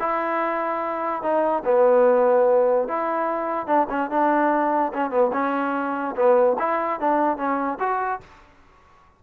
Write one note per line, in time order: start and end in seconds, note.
0.00 1.23 E4
1.23 1.64 D#4
1.65 2.88 B3
2.89 3.67 E4
3.67 3.88 D4
3.90 4.11 C#4
4.11 4.93 D4
4.94 5.11 C#4
5.11 5.31 B3
5.33 6.16 C#4
6.16 6.57 B3
6.59 7.00 E4
7.00 7.38 D4
7.38 7.79 C#4
7.80 8.21 F#4